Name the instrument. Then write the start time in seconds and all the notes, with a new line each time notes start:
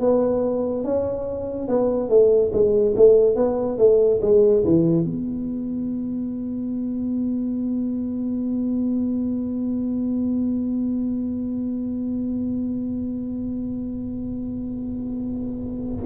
tuba
0.00 B3
0.84 C#4
1.68 B3
2.09 A3
2.53 G#3
2.97 A3
3.36 B3
3.78 A3
4.22 G#3
4.64 E3
5.05 B3